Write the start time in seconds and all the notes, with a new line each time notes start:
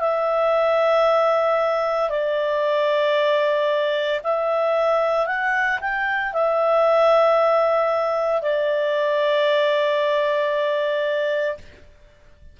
0.00 E5
2.10 D5
4.24 E5
5.27 F#5
5.81 G5
6.33 E5
8.42 D5